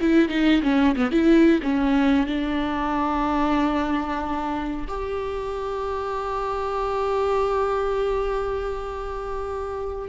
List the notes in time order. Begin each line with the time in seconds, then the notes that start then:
0.00 E4
0.28 D#4
0.62 C#4
0.95 B3
1.11 E4
1.62 C#4
2.26 D4
4.87 G4